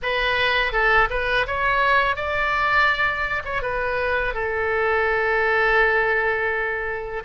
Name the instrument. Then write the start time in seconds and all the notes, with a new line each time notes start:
oboe
0.02 B4
0.72 A4
1.10 B4
1.46 C#5
2.16 D5
3.44 C#5
3.62 B4
4.34 A4